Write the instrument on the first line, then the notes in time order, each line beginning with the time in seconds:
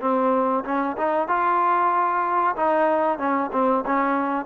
trombone
0.00 C4
0.64 C#4
0.97 D#4
1.28 F4
2.55 D#4
3.18 C#4
3.52 C4
3.86 C#4